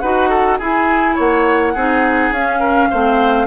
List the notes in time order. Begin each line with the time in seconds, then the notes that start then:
0.00 D#4 F#4 B4 F#5
0.30 A4
0.59 E4 G#4 G#5
1.16 A#3 C#5 F#5
1.75 C4 D#4 G#4
2.31 C#4 F5
2.60 A#4
2.91 A3 C4 C5